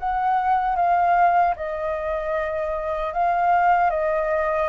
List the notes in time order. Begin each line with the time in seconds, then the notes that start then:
0.00 F#5
0.76 F5
1.57 D#5
3.14 F5
3.90 D#5